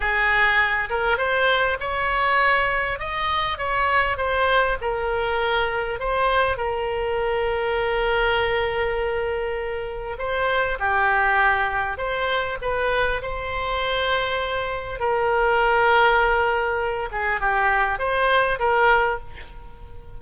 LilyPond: \new Staff \with { instrumentName = "oboe" } { \time 4/4 \tempo 4 = 100 gis'4. ais'8 c''4 cis''4~ | cis''4 dis''4 cis''4 c''4 | ais'2 c''4 ais'4~ | ais'1~ |
ais'4 c''4 g'2 | c''4 b'4 c''2~ | c''4 ais'2.~ | ais'8 gis'8 g'4 c''4 ais'4 | }